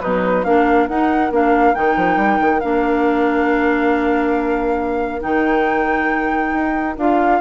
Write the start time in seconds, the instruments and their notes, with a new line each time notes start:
0.00 bassoon B2, clarinet F#3, oboe D#4, flute B4
0.43 bassoon A#3, clarinet D4, oboe A#4, flute F5
0.88 bassoon D#4, clarinet D#4, flute F#5
1.30 bassoon A#3, clarinet D4, flute F5
1.74 bassoon D#3, clarinet D#4, flute G5
1.96 bassoon F3
2.16 bassoon G3
2.39 bassoon D#3
2.60 bassoon A#3, clarinet D4, flute F5
5.20 bassoon D#3, clarinet D#4, flute G5
6.53 bassoon D#4
6.97 bassoon D4, clarinet F4, flute F5